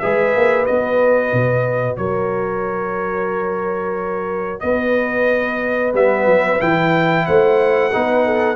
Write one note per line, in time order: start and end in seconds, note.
0.00 0.36 G#3
0.00 0.66 G#4
0.00 2.00 B4
0.00 0.66 E5
0.36 0.69 A#3
0.66 1.33 B3
0.66 5.94 F#4
0.66 1.97 D#5
1.33 1.98 B2
1.97 4.62 F#3
1.97 4.63 A#4
1.97 4.60 C#5
4.60 5.94 B3
4.60 7.27 B4
4.60 5.92 D#5
5.94 6.26 G3
5.94 6.59 B3
5.94 6.62 E5
6.26 6.59 F#3
6.59 7.28 E3
6.59 7.91 E4
6.59 7.26 G5
7.26 7.94 A3
7.26 7.92 C5
7.26 8.56 F#5
7.93 8.56 B3
7.93 8.56 D#4
7.93 8.25 B4
8.25 8.56 A4